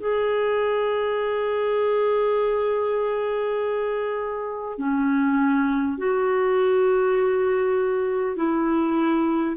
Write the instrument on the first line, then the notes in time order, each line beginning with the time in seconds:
clarinet
0.00 G#4
4.78 C#4
5.98 F#4
8.37 E4